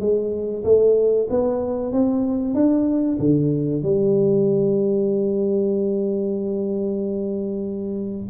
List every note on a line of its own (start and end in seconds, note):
0.00 0.64 G#3
0.64 1.28 A3
1.30 1.92 B3
1.92 2.54 C4
2.54 3.18 D4
3.19 3.83 D3
3.83 8.29 G3